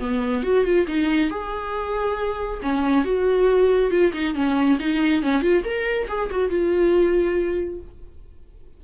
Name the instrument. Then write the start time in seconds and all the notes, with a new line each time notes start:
viola
0.00 B3
0.43 F#4
0.65 F4
0.87 D#4
1.30 G#4
2.62 C#4
3.05 F#4
3.91 F4
4.13 D#4
4.35 C#4
4.80 D#4
5.23 C#4
5.42 F4
5.64 A#4
6.08 G#4
6.31 F#4
6.50 F4